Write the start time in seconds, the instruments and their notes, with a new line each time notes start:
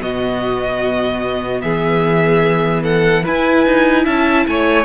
0.00 cello B2, viola B3, violin F#4 D#5
1.61 cello E3, violin G#4 E5
2.83 violin A4 F#5
3.23 viola E4, cello E4, violin B4 G#5
3.66 cello D#4
4.04 cello C#4, violin E5 A5
4.47 cello A3, violin C#5 G#5